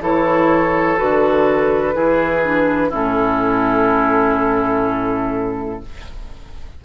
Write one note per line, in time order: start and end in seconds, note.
0.00 0.97 E3
0.00 0.96 E4
0.00 1.95 A4
0.00 0.97 C#5
0.96 1.95 D3
0.96 1.93 F#4
0.96 2.91 B4
1.94 2.91 E3
1.94 2.42 E4
1.94 2.89 G#4
2.43 2.91 D4
2.89 5.83 A2
2.89 5.81 C#4
2.89 5.79 E4
2.89 5.84 A4